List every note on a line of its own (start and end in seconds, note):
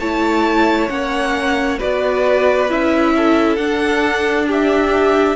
0.00 0.90 A3
0.00 0.89 E4
0.00 1.79 C#5
0.00 0.90 A5
0.89 1.79 A#3
0.89 1.79 C#4
0.89 1.79 F#5
1.79 2.71 B3
1.79 2.70 F#4
1.79 3.13 B4
1.79 2.71 D5
2.70 3.58 C#4
2.70 3.58 E4
2.70 3.56 E5
3.17 4.48 A4
3.56 5.37 D4
3.56 4.46 F#5
4.48 5.37 G4
4.48 5.37 E5